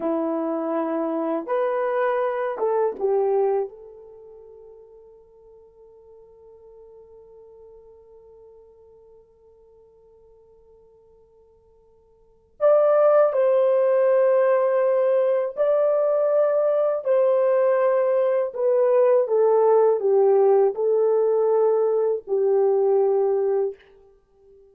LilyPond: \new Staff \with { instrumentName = "horn" } { \time 4/4 \tempo 4 = 81 e'2 b'4. a'8 | g'4 a'2.~ | a'1~ | a'1~ |
a'4 d''4 c''2~ | c''4 d''2 c''4~ | c''4 b'4 a'4 g'4 | a'2 g'2 | }